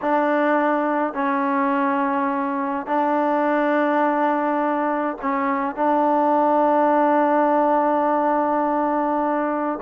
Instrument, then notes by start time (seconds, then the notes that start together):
trombone
0.01 D4
1.13 C#4
2.86 D4
5.21 C#4
5.75 D4